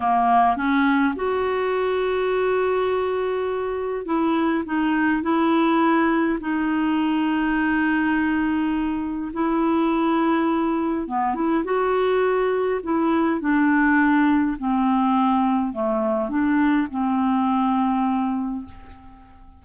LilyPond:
\new Staff \with { instrumentName = "clarinet" } { \time 4/4 \tempo 4 = 103 ais4 cis'4 fis'2~ | fis'2. e'4 | dis'4 e'2 dis'4~ | dis'1 |
e'2. b8 e'8 | fis'2 e'4 d'4~ | d'4 c'2 a4 | d'4 c'2. | }